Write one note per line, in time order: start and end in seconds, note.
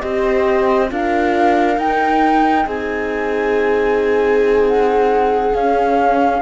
0.00 0.91 C4
0.00 0.89 G4
0.00 0.91 C5
0.00 0.88 D#5
0.89 1.77 D4
0.89 1.77 F4
0.89 2.65 A#4
0.89 1.79 F5
1.77 2.65 D#4
1.77 5.52 D#4
1.77 2.67 G5
2.65 5.53 C4
2.65 6.40 G#4
2.65 4.65 G#5
4.67 5.54 F#5
5.52 6.40 C#4
5.52 6.42 C#4
5.52 6.42 F5